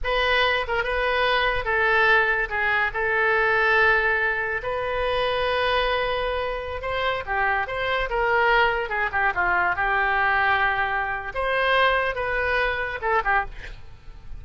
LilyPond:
\new Staff \with { instrumentName = "oboe" } { \time 4/4 \tempo 4 = 143 b'4. ais'8 b'2 | a'2 gis'4 a'4~ | a'2. b'4~ | b'1~ |
b'16 c''4 g'4 c''4 ais'8.~ | ais'4~ ais'16 gis'8 g'8 f'4 g'8.~ | g'2. c''4~ | c''4 b'2 a'8 g'8 | }